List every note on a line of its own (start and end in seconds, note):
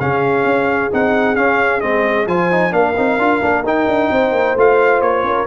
0.00 0.45 C#3
0.00 0.92 C#4
0.00 2.28 G#4
0.00 0.92 F5
0.45 0.91 C#4
0.92 1.36 C4
0.92 1.36 D#4
0.92 1.36 F#5
1.36 1.81 C#4
1.36 1.82 C#4
1.36 1.81 F5
1.81 2.27 G#3
1.81 2.27 C4
1.81 2.27 D#5
2.27 2.73 F3
2.27 2.52 F4
2.27 2.74 C5
2.27 2.73 G#5
2.52 2.71 D#4
2.71 2.95 A#3
2.71 2.94 D4
2.71 4.12 A#4
2.71 3.65 F5
2.97 3.18 C4
2.97 3.19 D#4
3.18 3.41 D4
3.18 3.42 F4
3.42 3.63 A#3
3.42 3.65 D4
3.63 3.86 D#4
3.63 4.58 D#4
3.63 4.58 G5
3.87 4.10 D4
4.11 4.32 C4
4.11 5.27 C5
4.32 4.55 A#3
4.56 5.02 A3
4.56 5.47 F4
4.56 5.02 F5
5.02 5.24 A#3
5.02 5.47 C#5
5.24 5.47 C#4
5.24 5.47 A#4